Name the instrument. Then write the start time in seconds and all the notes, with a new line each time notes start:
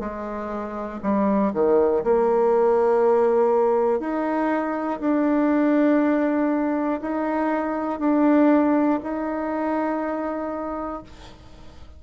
bassoon
0.00 G#3
1.02 G3
1.54 D#3
2.04 A#3
4.00 D#4
5.00 D4
7.01 D#4
7.99 D4
9.03 D#4